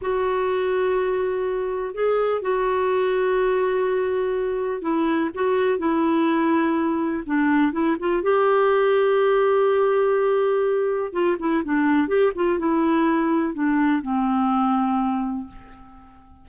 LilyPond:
\new Staff \with { instrumentName = "clarinet" } { \time 4/4 \tempo 4 = 124 fis'1 | gis'4 fis'2.~ | fis'2 e'4 fis'4 | e'2. d'4 |
e'8 f'8 g'2.~ | g'2. f'8 e'8 | d'4 g'8 f'8 e'2 | d'4 c'2. | }